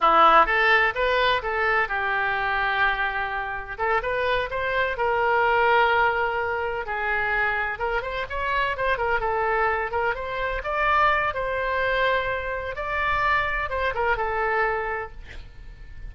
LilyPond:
\new Staff \with { instrumentName = "oboe" } { \time 4/4 \tempo 4 = 127 e'4 a'4 b'4 a'4 | g'1 | a'8 b'4 c''4 ais'4.~ | ais'2~ ais'8 gis'4.~ |
gis'8 ais'8 c''8 cis''4 c''8 ais'8 a'8~ | a'4 ais'8 c''4 d''4. | c''2. d''4~ | d''4 c''8 ais'8 a'2 | }